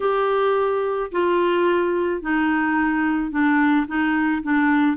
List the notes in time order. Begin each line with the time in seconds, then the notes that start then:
0.00 G4
1.11 F4
2.21 D#4
3.31 D4
3.87 D#4
4.42 D4